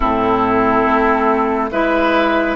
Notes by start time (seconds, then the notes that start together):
0.00 A2 C4 E4 A4
0.85 A3
1.70 G#3 E4 B4 E5